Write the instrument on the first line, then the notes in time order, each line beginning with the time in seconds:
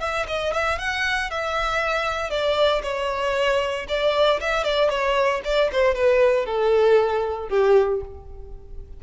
violin
0.00 E5
0.28 D#5
0.53 E5
0.79 F#5
1.31 E5
2.30 D5
2.83 C#5
3.89 D5
4.41 E5
4.64 D5
4.90 C#5
5.45 D5
5.72 C5
5.95 B4
6.46 A4
7.49 G4